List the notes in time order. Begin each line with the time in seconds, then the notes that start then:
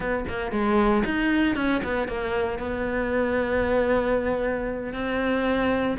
0.00 B3
0.28 A#3
0.51 G#3
1.05 D#4
1.55 C#4
1.83 B3
2.08 A#3
2.58 B3
4.93 C4